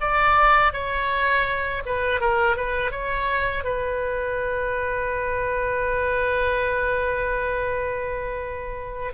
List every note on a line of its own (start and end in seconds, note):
0.00 0.73 D5
0.73 1.82 C#5
1.85 2.20 B4
2.20 2.56 A#4
2.56 2.91 B4
2.91 3.64 C#5
3.64 9.12 B4